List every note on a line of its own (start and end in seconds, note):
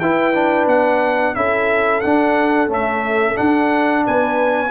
0.00 0.67 E4
0.00 0.34 E4
0.00 1.36 B4
0.00 0.67 G5
0.34 1.35 D4
0.67 1.34 B3
0.67 1.36 F#5
1.36 2.04 C#4
1.36 2.03 E4
1.36 4.06 A4
1.36 2.01 E5
2.01 2.68 D4
2.01 2.69 D4
2.01 2.69 F#5
2.68 3.36 A3
2.68 3.35 C#4
2.68 3.37 E5
3.36 4.71 D4
3.36 4.07 D4
3.36 4.05 F#5
4.06 4.72 B3
4.06 4.72 B4
4.06 4.72 G#5